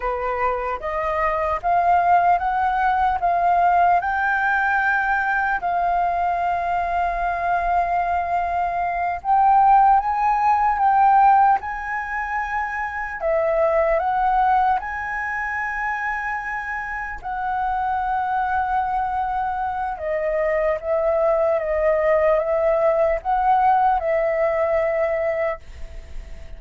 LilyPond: \new Staff \with { instrumentName = "flute" } { \time 4/4 \tempo 4 = 75 b'4 dis''4 f''4 fis''4 | f''4 g''2 f''4~ | f''2.~ f''8 g''8~ | g''8 gis''4 g''4 gis''4.~ |
gis''8 e''4 fis''4 gis''4.~ | gis''4. fis''2~ fis''8~ | fis''4 dis''4 e''4 dis''4 | e''4 fis''4 e''2 | }